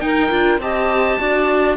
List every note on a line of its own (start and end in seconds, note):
0.00 0.29 D#4
0.00 0.30 D#4
0.00 0.61 A#4
0.00 0.59 G5
0.29 0.58 D4
0.29 0.59 F4
0.58 1.17 C4
0.58 1.19 G4
0.58 1.19 D#5
0.58 1.76 A5
1.19 1.76 D4
1.19 1.76 F#4
1.19 1.76 D5